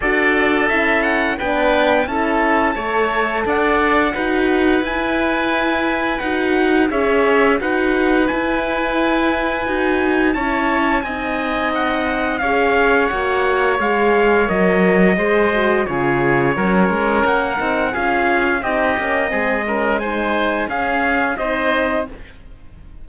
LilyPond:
<<
  \new Staff \with { instrumentName = "trumpet" } { \time 4/4 \tempo 4 = 87 d''4 e''8 fis''8 g''4 a''4~ | a''4 fis''2 gis''4~ | gis''4 fis''4 e''4 fis''4 | gis''2. a''4 |
gis''4 fis''4 f''4 fis''4 | f''4 dis''2 cis''4~ | cis''4 fis''4 f''4 dis''4~ | dis''4 gis''4 f''4 dis''4 | }
  \new Staff \with { instrumentName = "oboe" } { \time 4/4 a'2 b'4 a'4 | cis''4 d''4 b'2~ | b'2 cis''4 b'4~ | b'2. cis''4 |
dis''2 cis''2~ | cis''2 c''4 gis'4 | ais'2 gis'4 g'4 | gis'8 ais'8 c''4 gis'4 c''4 | }
  \new Staff \with { instrumentName = "horn" } { \time 4/4 fis'4 e'4 d'4 e'4 | a'2 fis'4 e'4~ | e'4 fis'4 gis'4 fis'4 | e'2 fis'4 e'4 |
dis'2 gis'4 fis'4 | gis'4 ais'4 gis'8 fis'8 f'4 | cis'4. dis'8 f'4 dis'8 cis'8 | c'8 cis'8 dis'4 cis'4 dis'4 | }
  \new Staff \with { instrumentName = "cello" } { \time 4/4 d'4 cis'4 b4 cis'4 | a4 d'4 dis'4 e'4~ | e'4 dis'4 cis'4 dis'4 | e'2 dis'4 cis'4 |
c'2 cis'4 ais4 | gis4 fis4 gis4 cis4 | fis8 gis8 ais8 c'8 cis'4 c'8 ais8 | gis2 cis'4 c'4 | }
>>